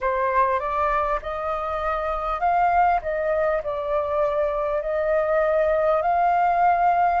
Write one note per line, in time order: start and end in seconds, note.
0.00 0.59 C5
0.59 1.19 D5
1.22 2.40 D#5
2.40 3.00 F5
3.02 3.62 D#5
3.63 4.82 D5
4.82 6.02 D#5
6.02 7.20 F5